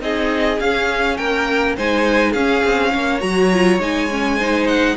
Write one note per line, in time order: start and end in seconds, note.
0.00 0.59 C4
0.00 0.58 D#4
0.00 1.18 G#4
0.00 0.60 D#5
0.60 1.19 C#4
0.60 1.79 C#4
0.60 1.17 F5
1.17 1.78 A#3
1.17 1.76 A#4
1.17 1.75 G5
1.77 2.34 G#3
1.77 2.37 D#4
1.77 2.32 C5
1.77 2.33 G#5
2.32 2.63 C#4
2.32 3.21 C#4
2.32 2.90 G#4
2.32 3.21 F5
2.65 2.94 C4
2.94 3.23 A#3
2.94 4.37 C#5
3.21 3.79 F#3
3.21 3.50 F#4
3.21 3.79 A#5
3.54 3.80 F4
3.79 4.96 G#3
3.79 4.09 D#4
3.79 4.68 G#5
4.11 4.40 C#4
4.37 4.98 D#4
4.37 4.96 C5
4.68 4.97 F#5